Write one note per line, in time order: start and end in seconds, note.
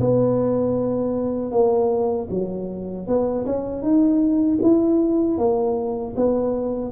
0.00 1.51 B3
1.51 2.28 A#3
2.30 3.07 F#3
3.07 3.45 B3
3.45 3.82 C#4
3.82 4.59 D#4
4.62 5.38 E4
5.38 6.15 A#3
6.16 6.92 B3